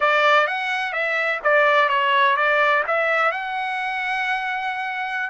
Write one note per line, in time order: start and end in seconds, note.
0.00 0.47 D5
0.47 0.92 F#5
0.92 1.39 E5
1.43 1.89 D5
1.89 2.36 C#5
2.36 2.83 D5
2.87 3.31 E5
3.31 5.29 F#5